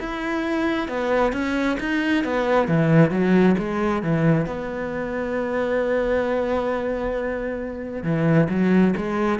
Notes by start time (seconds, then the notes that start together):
0.00 E4
0.88 B3
1.33 C#4
1.80 D#4
2.25 B3
2.68 E3
3.11 F#3
3.59 G#3
4.03 E3
4.47 B3
8.03 E3
8.50 F#3
8.97 G#3